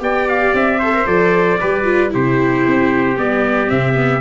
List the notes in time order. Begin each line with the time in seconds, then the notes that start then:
0.00 B3 G4 D5 G5
0.29 F5
0.54 C4 E5
0.80 A4 C5
0.95 A#4
1.06 F3 A4 D5
1.60 G3 G4 B4
1.84 F4
2.10 C3 E4 G4 C5
2.67 C4
3.17 G3 B3 D5
3.67 C3 C4 E5
3.95 B3